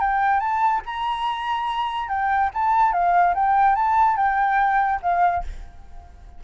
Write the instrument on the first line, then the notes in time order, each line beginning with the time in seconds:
flute
0.00 G5
0.40 A5
0.86 A#5
2.08 G5
2.54 A5
2.93 F5
3.34 G5
3.75 A5
4.17 G5
5.02 F5